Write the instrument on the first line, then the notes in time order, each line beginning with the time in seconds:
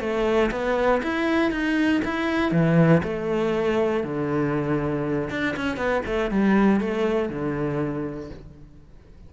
cello
0.00 A3
0.51 B3
1.03 E4
1.51 D#4
2.05 E4
2.52 E3
3.03 A3
4.04 D3
5.30 D4
5.56 C#4
5.77 B3
6.06 A3
6.31 G3
6.80 A3
7.29 D3